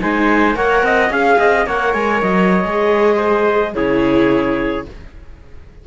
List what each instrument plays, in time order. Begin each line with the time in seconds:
0.00 cello G#3, viola D#4, trumpet C5, clarinet G#5
0.54 cello A#3, viola A#4, trumpet C#5, clarinet F#5
0.82 cello C4, trumpet D#5
1.09 cello C#4, viola G#4, clarinet F5, trumpet F5
1.38 cello C4, trumpet D#5
1.66 cello A#3, viola A#4, trumpet C#5, clarinet F#5
1.93 cello G#3, clarinet G#5
2.21 cello F#3, clarinet D#5
2.64 cello G#3, viola G#4
3.17 trumpet C5
3.74 cello C#3, viola E4, trumpet G#4, clarinet C#5